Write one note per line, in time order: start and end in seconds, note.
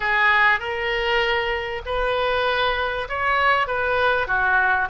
0.00 0.59 G#4
0.59 1.82 A#4
1.85 3.08 B4
3.08 3.67 C#5
3.67 4.27 B4
4.27 4.88 F#4